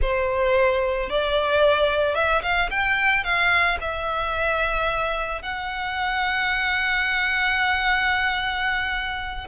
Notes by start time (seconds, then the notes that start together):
0.01 C5
1.09 D5
2.14 E5
2.42 F5
2.70 G5
3.24 F5
3.80 E5
5.42 F#5